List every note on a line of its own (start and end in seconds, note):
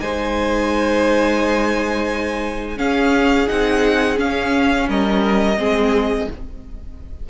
0.00 2.80 G#3
0.00 2.77 D#4
0.00 2.78 C5
0.00 2.79 G#5
2.77 3.47 C#4
2.77 3.49 C#4
2.77 4.87 G#4
2.77 3.49 F5
3.47 4.19 C4
3.47 4.16 D#4
3.47 4.19 F#5
4.16 5.56 C#4
4.16 4.89 C#4
4.16 4.90 F5
4.89 5.58 G3
4.89 5.59 A#4
4.89 6.30 D#5
5.58 6.28 G#3
5.58 6.28 C4
5.58 6.29 G#4